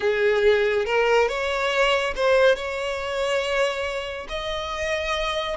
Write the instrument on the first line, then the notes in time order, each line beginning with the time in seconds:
violin
0.00 G#4
0.85 A#4
1.28 C#5
2.15 C5
2.55 C#5
4.28 D#5